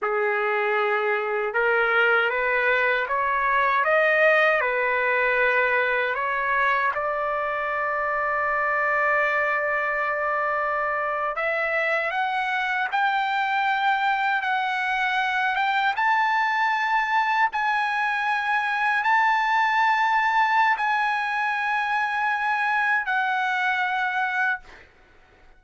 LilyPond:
\new Staff \with { instrumentName = "trumpet" } { \time 4/4 \tempo 4 = 78 gis'2 ais'4 b'4 | cis''4 dis''4 b'2 | cis''4 d''2.~ | d''2~ d''8. e''4 fis''16~ |
fis''8. g''2 fis''4~ fis''16~ | fis''16 g''8 a''2 gis''4~ gis''16~ | gis''8. a''2~ a''16 gis''4~ | gis''2 fis''2 | }